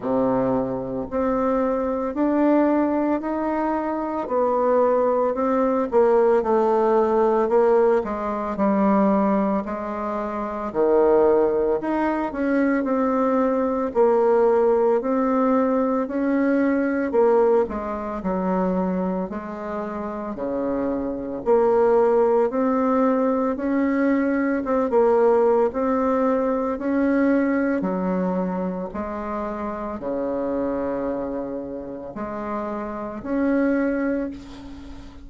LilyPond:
\new Staff \with { instrumentName = "bassoon" } { \time 4/4 \tempo 4 = 56 c4 c'4 d'4 dis'4 | b4 c'8 ais8 a4 ais8 gis8 | g4 gis4 dis4 dis'8 cis'8 | c'4 ais4 c'4 cis'4 |
ais8 gis8 fis4 gis4 cis4 | ais4 c'4 cis'4 c'16 ais8. | c'4 cis'4 fis4 gis4 | cis2 gis4 cis'4 | }